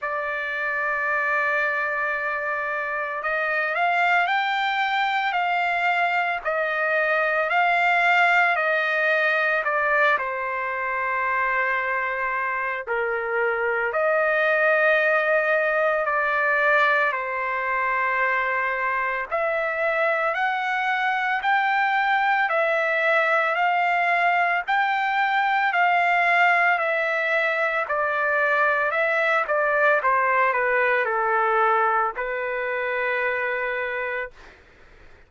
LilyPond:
\new Staff \with { instrumentName = "trumpet" } { \time 4/4 \tempo 4 = 56 d''2. dis''8 f''8 | g''4 f''4 dis''4 f''4 | dis''4 d''8 c''2~ c''8 | ais'4 dis''2 d''4 |
c''2 e''4 fis''4 | g''4 e''4 f''4 g''4 | f''4 e''4 d''4 e''8 d''8 | c''8 b'8 a'4 b'2 | }